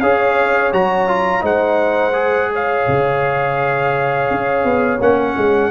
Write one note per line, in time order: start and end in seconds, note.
0.00 0.73 C#4
0.00 0.72 G#4
0.00 1.43 C#5
0.00 0.71 F5
0.72 1.43 F#3
0.72 1.08 F#4
0.72 1.44 A#5
1.08 1.40 F4
1.40 2.85 G#3
1.40 2.12 D#4
1.40 2.50 C5
1.40 2.52 F#5
2.13 4.99 G#4
2.52 5.71 C#5
2.52 5.02 F5
2.88 4.30 C#3
4.30 4.64 C#4
4.64 4.99 B3
5.00 5.36 A#3
5.00 5.71 C#4
5.00 5.71 F#5
5.36 5.71 G#3